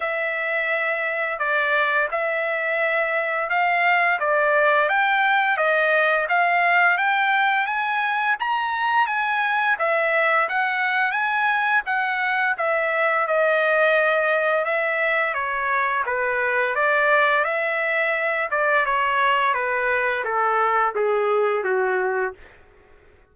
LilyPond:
\new Staff \with { instrumentName = "trumpet" } { \time 4/4 \tempo 4 = 86 e''2 d''4 e''4~ | e''4 f''4 d''4 g''4 | dis''4 f''4 g''4 gis''4 | ais''4 gis''4 e''4 fis''4 |
gis''4 fis''4 e''4 dis''4~ | dis''4 e''4 cis''4 b'4 | d''4 e''4. d''8 cis''4 | b'4 a'4 gis'4 fis'4 | }